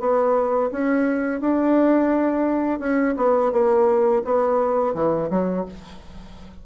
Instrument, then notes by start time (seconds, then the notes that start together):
bassoon
0.00 B3
0.72 C#4
1.41 D4
2.80 C#4
3.17 B3
3.52 A#3
4.25 B3
4.94 E3
5.30 F#3